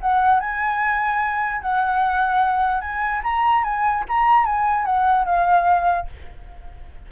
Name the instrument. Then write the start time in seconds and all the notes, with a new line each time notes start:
flute
0.00 F#5
0.40 G#5
1.61 F#5
2.81 G#5
3.23 A#5
3.63 G#5
4.08 A#5
4.45 G#5
4.85 F#5
5.24 F5